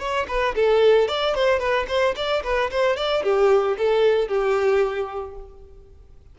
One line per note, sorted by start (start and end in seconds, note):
0.00 0.27 C#5
0.28 0.55 B4
0.56 1.08 A4
1.08 1.35 D5
1.35 1.60 C5
1.60 1.87 B4
1.88 2.15 C5
2.17 2.44 D5
2.44 2.71 B4
2.72 2.97 C5
2.97 3.24 D5
3.24 3.77 G4
3.78 4.28 A4
4.28 5.35 G4